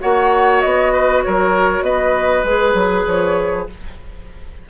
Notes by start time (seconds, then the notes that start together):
0.00 A#3 F#4 C#5 F#5
0.61 B3 D#5
0.93 B4
1.23 F#3 A#4 C#5
1.83 B3 B4 D#5
2.44 G#3 G#4 B4
2.74 F#3
3.07 F3 C#5